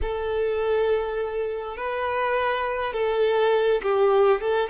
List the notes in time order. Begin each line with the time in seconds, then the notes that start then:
0.01 A4
1.76 B4
2.93 A4
3.82 G4
4.40 A4